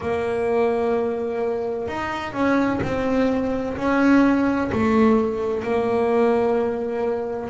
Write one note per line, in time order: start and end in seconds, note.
0.00 1.87 A#3
1.87 2.33 D#4
2.33 2.80 C#4
2.82 3.76 C4
3.77 4.70 C#4
4.71 5.62 A3
5.62 7.49 A#3